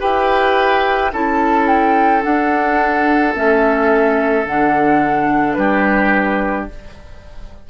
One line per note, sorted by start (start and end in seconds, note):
0.00 1.13 E4
0.00 1.11 G4
0.00 1.11 B4
0.00 1.12 G5
1.13 2.24 C#4
1.13 2.23 E4
1.13 5.57 A4
1.13 1.67 A5
1.67 2.23 G5
2.23 3.34 D4
2.23 3.35 D4
2.23 3.34 F#5
3.35 4.46 A3
3.35 4.46 C#4
3.35 4.46 E5
4.46 5.57 D3
4.46 6.70 D4
4.46 5.54 F#5
5.54 6.68 G3
5.54 6.70 G4
5.54 6.65 B4